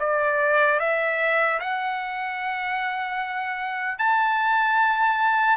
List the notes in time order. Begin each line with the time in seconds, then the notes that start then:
0.00 D5
0.80 E5
1.60 F#5
3.99 A5